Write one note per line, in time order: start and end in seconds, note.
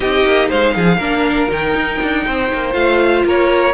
0.00 0.24 C4
0.00 0.99 D#4
0.00 0.49 G4
0.00 0.48 D#5
0.24 0.49 A#3
0.49 0.76 G#3
0.49 0.74 C5
0.49 1.50 F5
0.75 0.97 F3
0.75 0.97 G#4
0.97 1.47 A#3
0.97 1.49 D4
0.97 2.22 A#4
1.49 1.74 D#3
1.49 2.72 D#4
1.49 2.73 G5
1.74 1.99 D#4
2.01 2.26 D4
2.26 2.52 C4
2.26 3.25 C5
2.53 2.74 A#3
2.72 3.24 A3
2.72 3.72 F4
2.72 3.23 F5
3.25 3.73 A#3
3.25 3.73 A#4
3.25 3.73 C#5